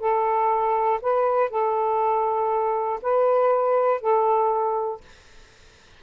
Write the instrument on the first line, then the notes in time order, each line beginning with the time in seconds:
saxophone
0.00 A4
1.02 B4
1.50 A4
3.02 B4
4.01 A4